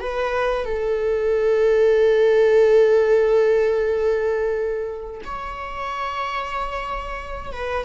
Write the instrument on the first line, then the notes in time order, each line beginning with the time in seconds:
viola
0.00 B4
0.65 A4
5.25 C#5
7.52 B4